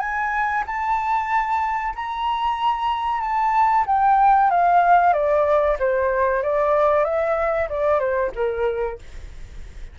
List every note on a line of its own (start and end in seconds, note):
0.00 0.64 G#5
0.67 1.95 A5
1.96 3.21 A#5
3.21 3.85 A5
3.87 4.51 G5
4.51 5.14 F5
5.14 5.78 D5
5.80 6.43 C5
6.43 7.05 D5
7.05 7.69 E5
7.70 8.00 D5
8.00 8.32 C5
8.36 8.99 A#4